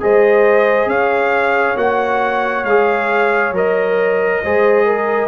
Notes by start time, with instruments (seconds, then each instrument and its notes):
0.00 tuba G#3, trombone G#4, horn C5, trumpet D#5
0.86 tuba C#4, horn C#5, trumpet F5
1.76 tuba A#3, trombone F#4, trumpet F#5
2.64 tuba G#3, trombone G#4, trumpet F5
3.51 tuba F#3, trombone A#4, trumpet D#5
4.43 tuba G#3, trombone G#4, horn C5
4.85 horn A#4